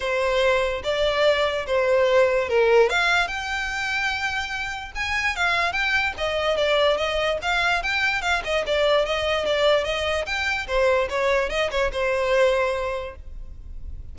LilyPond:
\new Staff \with { instrumentName = "violin" } { \time 4/4 \tempo 4 = 146 c''2 d''2 | c''2 ais'4 f''4 | g''1 | gis''4 f''4 g''4 dis''4 |
d''4 dis''4 f''4 g''4 | f''8 dis''8 d''4 dis''4 d''4 | dis''4 g''4 c''4 cis''4 | dis''8 cis''8 c''2. | }